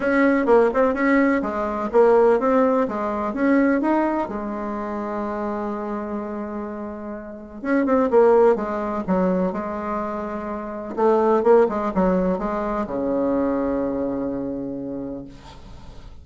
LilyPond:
\new Staff \with { instrumentName = "bassoon" } { \time 4/4 \tempo 4 = 126 cis'4 ais8 c'8 cis'4 gis4 | ais4 c'4 gis4 cis'4 | dis'4 gis2.~ | gis1 |
cis'8 c'8 ais4 gis4 fis4 | gis2. a4 | ais8 gis8 fis4 gis4 cis4~ | cis1 | }